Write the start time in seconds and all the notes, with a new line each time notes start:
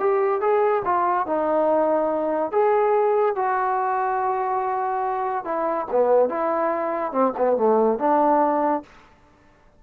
0.00 G4
0.41 G#4
0.85 F4
1.27 D#4
2.52 G#4
3.36 F#4
5.45 E4
5.92 B3
6.30 E4
7.12 C4
7.38 B3
7.57 A3
7.99 D4